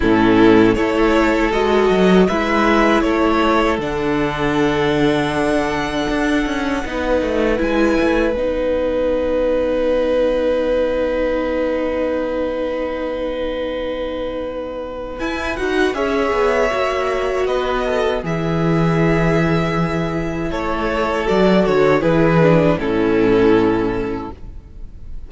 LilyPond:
<<
  \new Staff \with { instrumentName = "violin" } { \time 4/4 \tempo 4 = 79 a'4 cis''4 dis''4 e''4 | cis''4 fis''2.~ | fis''2 gis''4 fis''4~ | fis''1~ |
fis''1 | gis''8 fis''8 e''2 dis''4 | e''2. cis''4 | d''8 cis''8 b'4 a'2 | }
  \new Staff \with { instrumentName = "violin" } { \time 4/4 e'4 a'2 b'4 | a'1~ | a'4 b'2.~ | b'1~ |
b'1~ | b'4 cis''2 b'8 a'8 | gis'2. a'4~ | a'4 gis'4 e'2 | }
  \new Staff \with { instrumentName = "viola" } { \time 4/4 cis'4 e'4 fis'4 e'4~ | e'4 d'2.~ | d'4 dis'4 e'4 dis'4~ | dis'1~ |
dis'1 | e'8 fis'8 gis'4 fis'2 | e'1 | fis'4 e'8 d'8 cis'2 | }
  \new Staff \with { instrumentName = "cello" } { \time 4/4 a,4 a4 gis8 fis8 gis4 | a4 d2. | d'8 cis'8 b8 a8 gis8 a8 b4~ | b1~ |
b1 | e'8 dis'8 cis'8 b8 ais4 b4 | e2. a4 | fis8 d8 e4 a,2 | }
>>